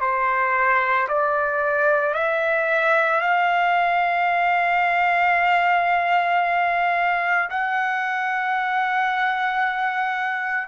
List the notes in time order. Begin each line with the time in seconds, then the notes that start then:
0.00 C5
1.08 D5
2.14 E5
3.20 F5
7.50 F#5